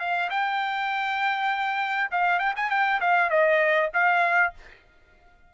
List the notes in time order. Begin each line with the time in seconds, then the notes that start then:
0.00 F5
0.30 G5
2.12 F5
2.39 G5
2.57 G#5
2.70 G5
3.01 F5
3.31 D#5
3.94 F5